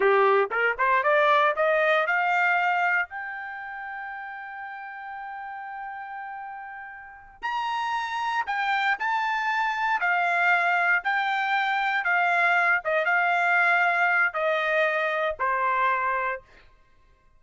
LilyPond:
\new Staff \with { instrumentName = "trumpet" } { \time 4/4 \tempo 4 = 117 g'4 ais'8 c''8 d''4 dis''4 | f''2 g''2~ | g''1~ | g''2~ g''8 ais''4.~ |
ais''8 g''4 a''2 f''8~ | f''4. g''2 f''8~ | f''4 dis''8 f''2~ f''8 | dis''2 c''2 | }